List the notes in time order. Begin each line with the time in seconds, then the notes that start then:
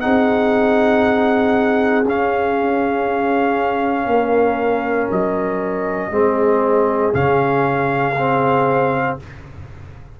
0.00 C4 D#4 G#4 F#5
2.04 C#4 F5
4.06 A#3 A#4
5.11 F#3 D#5
6.10 G#3 C4 G#4
7.13 C#3 C#4 F5
8.18 C4